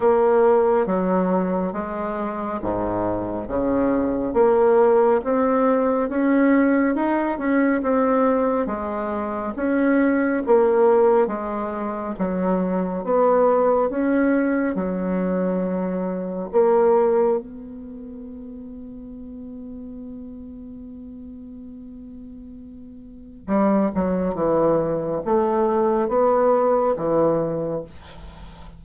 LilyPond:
\new Staff \with { instrumentName = "bassoon" } { \time 4/4 \tempo 4 = 69 ais4 fis4 gis4 gis,4 | cis4 ais4 c'4 cis'4 | dis'8 cis'8 c'4 gis4 cis'4 | ais4 gis4 fis4 b4 |
cis'4 fis2 ais4 | b1~ | b2. g8 fis8 | e4 a4 b4 e4 | }